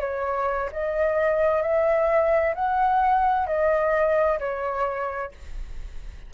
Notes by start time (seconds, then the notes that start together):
0.00 C#5
0.72 D#5
1.62 E5
2.55 F#5
3.47 D#5
4.39 C#5